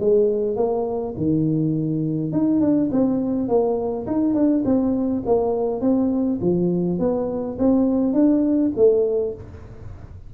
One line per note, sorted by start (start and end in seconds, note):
0.00 0.56 G#3
0.56 1.14 A#3
1.17 2.32 D#3
2.32 2.61 D#4
2.61 2.90 D4
2.92 3.48 C4
3.48 4.06 A#3
4.06 4.35 D#4
4.35 4.64 D4
4.65 5.23 C4
5.26 5.81 A#3
5.81 6.39 C4
6.41 6.99 F3
6.99 7.57 B3
7.58 8.13 C4
8.13 8.72 D4
8.76 9.34 A3